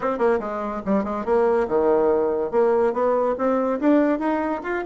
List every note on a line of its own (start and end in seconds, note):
0.00 0.18 C4
0.18 0.39 A#3
0.39 0.81 G#3
0.85 1.04 G3
1.04 1.25 G#3
1.25 1.67 A#3
1.68 2.51 D#3
2.51 2.93 A#3
2.93 3.35 B3
3.37 3.79 C4
3.80 4.19 D4
4.19 4.61 D#4
4.63 4.84 F4